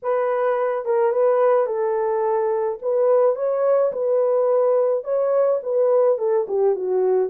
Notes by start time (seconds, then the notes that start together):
0.02 B4
0.85 A#4
1.12 B4
1.66 A4
2.82 B4
3.35 C#5
3.92 B4
5.03 C#5
5.62 B4
6.18 A4
6.48 G4
6.75 F#4